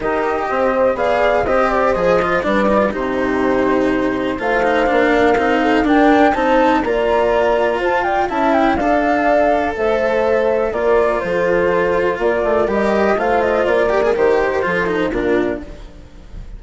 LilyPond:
<<
  \new Staff \with { instrumentName = "flute" } { \time 4/4 \tempo 4 = 123 dis''2 f''4 dis''8 d''8 | dis''4 d''4 c''2~ | c''4 f''2. | g''4 a''4 ais''2 |
a''8 g''8 a''8 g''8 f''2 | e''2 d''4 c''4~ | c''4 d''4 dis''4 f''8 dis''8 | d''4 c''2 ais'4 | }
  \new Staff \with { instrumentName = "horn" } { \time 4/4 ais'4 c''4 d''4 c''4~ | c''4 b'4 g'2~ | g'4 c''4. ais'4 a'8 | ais'4 c''4 d''2 |
c''8 d''8 e''4 d''2 | c''2 ais'4 a'4~ | a'4 ais'2 c''4~ | c''8 ais'4. a'4 f'4 | }
  \new Staff \with { instrumentName = "cello" } { \time 4/4 g'2 gis'4 g'4 | gis'8 f'8 d'8 dis'16 f'16 dis'2~ | dis'4 f'8 dis'8 d'4 dis'4 | d'4 dis'4 f'2~ |
f'4 e'4 a'2~ | a'2 f'2~ | f'2 g'4 f'4~ | f'8 g'16 gis'16 g'4 f'8 dis'8 d'4 | }
  \new Staff \with { instrumentName = "bassoon" } { \time 4/4 dis'4 c'4 b4 c'4 | f4 g4 c2~ | c4 a4 ais4 c'4 | d'4 c'4 ais2 |
f'4 cis'4 d'2 | a2 ais4 f4~ | f4 ais8 a8 g4 a4 | ais4 dis4 f4 ais,4 | }
>>